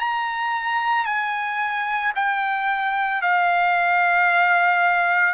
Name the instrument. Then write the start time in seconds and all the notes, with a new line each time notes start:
trumpet
0.00 A#5
1.06 G#5
2.16 G5
3.22 F5